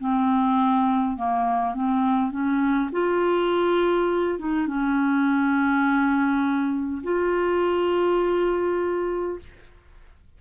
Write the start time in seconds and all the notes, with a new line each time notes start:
0.00 C4
1.17 A#3
1.75 C4
2.32 C#4
2.93 F4
4.40 D#4
4.68 C#4
7.04 F4